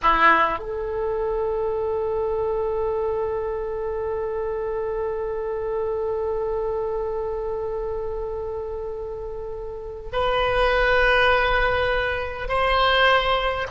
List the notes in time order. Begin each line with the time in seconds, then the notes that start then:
0.02 E4
0.59 A4
10.12 B4
12.48 C5